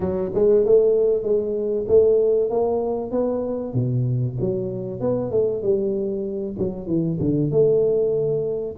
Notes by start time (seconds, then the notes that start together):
0.00 F#3
0.34 G#3
0.65 A3
1.22 G#3
1.88 A3
2.49 A#3
3.11 B3
3.73 B2
4.40 F#3
5.00 B3
5.31 A3
5.62 G3
6.58 F#3
6.87 E3
7.20 D3
7.51 A3